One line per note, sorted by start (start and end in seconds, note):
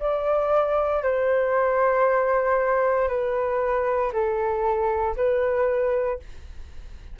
0.00 1.03 D5
1.03 3.08 C5
3.08 4.12 B4
4.12 5.16 A4
5.16 6.20 B4